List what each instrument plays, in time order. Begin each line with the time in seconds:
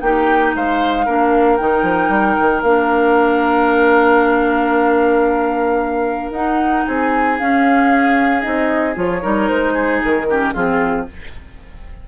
0.00 bassoon A#3, clarinet D#4, oboe G4, flute G5
0.55 bassoon G#3, oboe C5, flute F5
1.05 bassoon A#3, clarinet D4, oboe A#4
1.56 bassoon D#3, clarinet D#4, flute G5
1.82 bassoon F3
2.09 bassoon G3
2.40 bassoon D#3
2.62 bassoon A#3, clarinet D4, flute F5
6.30 bassoon D#4, clarinet D#4, flute F#5
6.85 bassoon C4, oboe G#4, flute G#5
7.38 clarinet C#4, bassoon C#4, flute F5
8.41 bassoon C4, clarinet D#4, flute D#5
8.95 bassoon F3, clarinet F4, flute C#5
9.21 bassoon G3, clarinet D#4, oboe A#4
9.48 bassoon G#3, flute C5
9.73 oboe G#4
10.04 bassoon D#3, flute A#4
10.29 clarinet C#4, oboe G4
10.54 bassoon F3, clarinet C4, oboe F4, flute G#4